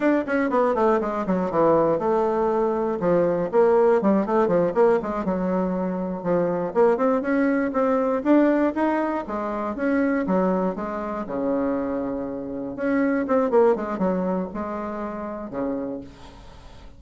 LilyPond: \new Staff \with { instrumentName = "bassoon" } { \time 4/4 \tempo 4 = 120 d'8 cis'8 b8 a8 gis8 fis8 e4 | a2 f4 ais4 | g8 a8 f8 ais8 gis8 fis4.~ | fis8 f4 ais8 c'8 cis'4 c'8~ |
c'8 d'4 dis'4 gis4 cis'8~ | cis'8 fis4 gis4 cis4.~ | cis4. cis'4 c'8 ais8 gis8 | fis4 gis2 cis4 | }